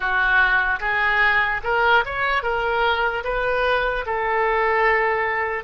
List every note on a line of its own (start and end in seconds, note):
0.00 0.79 F#4
0.80 1.61 G#4
1.63 2.04 A#4
2.05 2.42 C#5
2.42 3.23 A#4
3.24 4.05 B4
4.06 5.64 A4